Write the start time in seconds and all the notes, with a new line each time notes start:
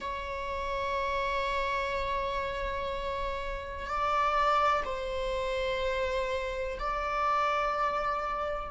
0.00 C#5
3.86 D5
4.84 C5
6.79 D5